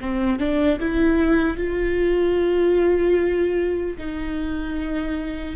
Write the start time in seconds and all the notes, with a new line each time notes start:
0.00 C4
0.39 D4
0.79 E4
1.57 F4
3.97 D#4